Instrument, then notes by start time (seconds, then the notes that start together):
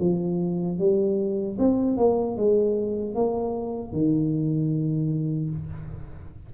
tuba
0.00 F3
0.79 G3
1.59 C4
1.97 A#3
2.37 G#3
3.15 A#3
3.93 D#3